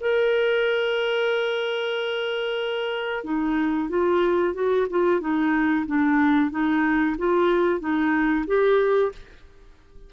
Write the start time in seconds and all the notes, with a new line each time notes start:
0.00 A#4
3.24 D#4
3.89 F4
4.54 F#4
4.90 F4
5.20 D#4
5.86 D4
6.51 D#4
7.18 F4
7.80 D#4
8.47 G4